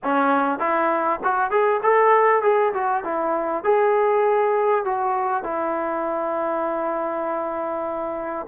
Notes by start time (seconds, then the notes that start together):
0.03 C#4
0.59 E4
1.23 F#4
1.50 G#4
1.82 A4
2.42 G#4
2.73 F#4
3.04 E4
3.64 G#4
4.85 F#4
5.43 E4